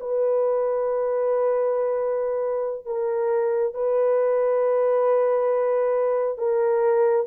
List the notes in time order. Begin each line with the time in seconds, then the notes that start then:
0.00 B4
2.86 A#4
3.74 B4
6.38 A#4